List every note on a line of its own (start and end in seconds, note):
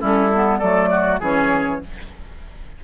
0.00 0.62 G3
0.00 0.30 C#4
0.00 0.59 E4
0.00 0.59 A4
0.34 0.62 B3
0.59 1.21 F#3
0.59 1.22 A3
0.59 0.89 A4
0.59 1.20 D5
0.91 1.20 F#4
1.20 1.81 E3
1.20 1.82 C#4
1.20 1.80 G#4
1.20 1.84 C#5